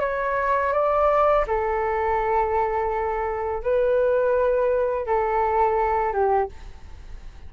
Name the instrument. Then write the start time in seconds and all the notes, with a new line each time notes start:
flute
0.00 C#5
0.72 D5
1.47 A4
3.63 B4
5.06 A4
6.12 G4